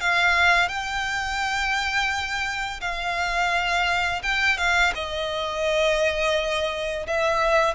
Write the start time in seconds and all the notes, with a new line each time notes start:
0.00 F5
0.68 G5
2.80 F5
4.22 G5
4.57 F5
4.94 D#5
7.06 E5